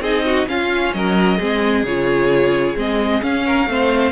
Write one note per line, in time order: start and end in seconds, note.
0.00 0.46 C4
0.00 0.48 D#4
0.00 0.25 G#4
0.00 0.48 D#5
0.25 0.48 F#4
0.48 1.40 C#4
0.48 0.94 C#4
0.48 0.96 F4
0.48 0.93 F5
0.93 1.40 F#3
0.93 1.37 A#4
0.93 1.85 D#5
1.37 1.83 G#3
1.37 1.85 C4
1.37 3.44 G#4
1.83 2.75 C#3
1.83 2.76 F4
1.83 2.77 C#5
2.76 3.22 G#3
2.76 3.21 C4
2.76 3.23 D#5
3.21 3.67 C#4
3.21 3.66 C#4
3.21 4.12 F5
3.46 3.69 A#4
3.66 4.12 A3
3.66 4.12 C4
3.66 4.12 C5